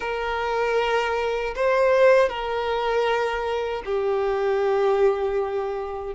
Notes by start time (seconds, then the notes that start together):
0.00 A#4
1.55 C5
2.29 A#4
3.85 G4